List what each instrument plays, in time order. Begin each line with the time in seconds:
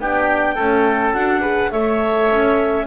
0.00 double bass B3, horn D4, oboe G4, clarinet G5
0.55 horn A3, double bass C#4, oboe A4
1.14 double bass D4, horn F#4, clarinet F#5
1.41 horn G#4, oboe B4
1.72 double bass A3, horn A4, oboe C#5, clarinet E5
2.31 double bass C#4